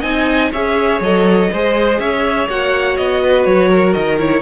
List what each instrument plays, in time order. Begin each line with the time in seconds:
0.00 cello C4, viola D#4, violin D#5 G#5
0.52 cello C#4, viola G#4, violin C#5 E5
1.00 cello F#3, viola A4, violin D#5
1.52 cello G#3, viola G#4, violin C5
1.99 cello C#4, violin C#5 E5
2.49 cello A#3, viola F#4, violin F#5
2.96 cello B3, violin D#5
3.22 violin B4
3.44 cello F#3, violin C#5
3.69 violin A#4
3.93 cello D#3, violin D#5
4.18 viola E4, violin C#5